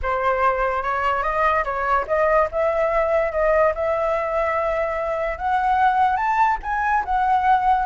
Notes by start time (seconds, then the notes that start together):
0.02 C5
0.82 C#5
1.22 D#5
1.64 C#5
2.07 D#5
2.51 E5
3.31 D#5
3.74 E5
5.38 F#5
6.16 A5
6.62 G#5
7.04 F#5